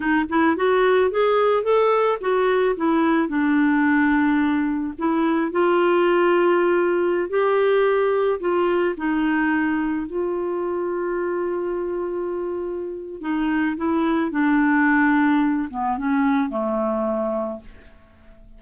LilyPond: \new Staff \with { instrumentName = "clarinet" } { \time 4/4 \tempo 4 = 109 dis'8 e'8 fis'4 gis'4 a'4 | fis'4 e'4 d'2~ | d'4 e'4 f'2~ | f'4~ f'16 g'2 f'8.~ |
f'16 dis'2 f'4.~ f'16~ | f'1 | dis'4 e'4 d'2~ | d'8 b8 cis'4 a2 | }